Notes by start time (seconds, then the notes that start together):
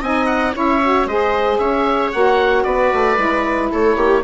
0.00 C4 D#4 D#5 G#5
0.26 F#5
0.54 C#4 E4 C#5 E5
0.83 F#4
1.05 G#3 G#4 C5 D#5
1.58 C#4 C#5 E5
2.12 A#3 F#4 F#5
2.63 B3 B4 D5
2.93 A3
3.16 G#3 E4
3.72 A3 A4 C#5
3.96 A#3 G4